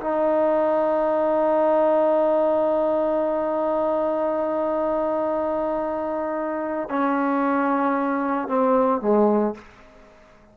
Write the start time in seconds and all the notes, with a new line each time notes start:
0.00 D#4
6.89 C#4
8.48 C4
9.01 G#3